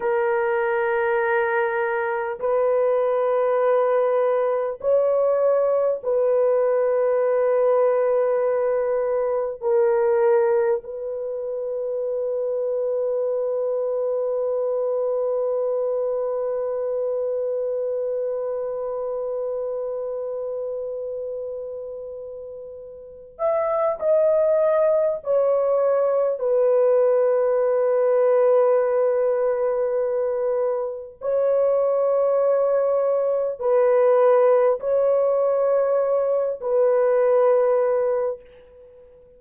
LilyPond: \new Staff \with { instrumentName = "horn" } { \time 4/4 \tempo 4 = 50 ais'2 b'2 | cis''4 b'2. | ais'4 b'2.~ | b'1~ |
b'2.~ b'8 e''8 | dis''4 cis''4 b'2~ | b'2 cis''2 | b'4 cis''4. b'4. | }